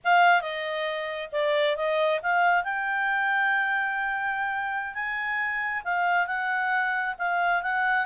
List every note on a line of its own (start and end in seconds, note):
0.04 0.41 F5
0.41 1.29 D#5
1.32 1.76 D5
1.76 2.20 D#5
2.22 2.64 F5
2.64 4.94 G5
4.94 5.82 G#5
5.84 6.26 F5
6.26 7.15 F#5
7.18 7.62 F5
7.62 8.05 F#5